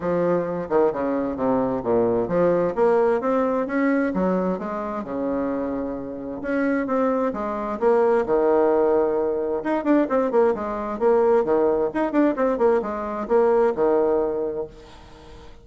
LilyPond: \new Staff \with { instrumentName = "bassoon" } { \time 4/4 \tempo 4 = 131 f4. dis8 cis4 c4 | ais,4 f4 ais4 c'4 | cis'4 fis4 gis4 cis4~ | cis2 cis'4 c'4 |
gis4 ais4 dis2~ | dis4 dis'8 d'8 c'8 ais8 gis4 | ais4 dis4 dis'8 d'8 c'8 ais8 | gis4 ais4 dis2 | }